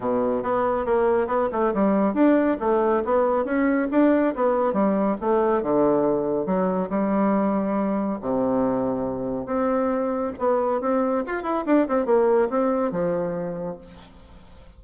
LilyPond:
\new Staff \with { instrumentName = "bassoon" } { \time 4/4 \tempo 4 = 139 b,4 b4 ais4 b8 a8 | g4 d'4 a4 b4 | cis'4 d'4 b4 g4 | a4 d2 fis4 |
g2. c4~ | c2 c'2 | b4 c'4 f'8 e'8 d'8 c'8 | ais4 c'4 f2 | }